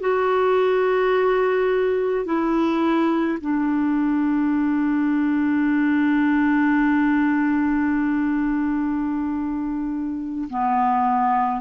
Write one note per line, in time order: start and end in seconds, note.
0.00 2.25 F#4
2.25 3.38 E4
3.41 10.48 D4
10.49 11.60 B3